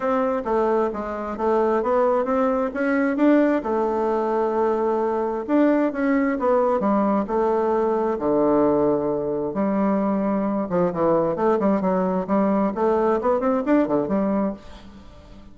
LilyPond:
\new Staff \with { instrumentName = "bassoon" } { \time 4/4 \tempo 4 = 132 c'4 a4 gis4 a4 | b4 c'4 cis'4 d'4 | a1 | d'4 cis'4 b4 g4 |
a2 d2~ | d4 g2~ g8 f8 | e4 a8 g8 fis4 g4 | a4 b8 c'8 d'8 d8 g4 | }